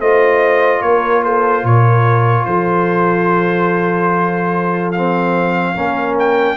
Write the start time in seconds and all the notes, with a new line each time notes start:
0.00 A3 F4 C5 D#5
0.82 A#3 A#4 C#5
1.24 A4 C5
1.64 A#2 A#4 C#5
2.45 F3 A4 C5
4.92 C4 F5
5.75 A#3 C#4 A#4
6.19 G5